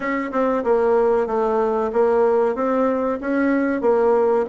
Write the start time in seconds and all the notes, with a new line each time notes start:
0.00 C#4
0.31 C4
0.64 A#3
1.26 A3
1.92 A#3
2.55 C4
3.20 C#4
3.81 A#3